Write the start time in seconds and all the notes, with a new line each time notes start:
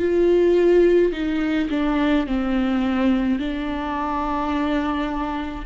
0.00 F4
1.13 D#4
1.70 D4
2.27 C4
3.39 D4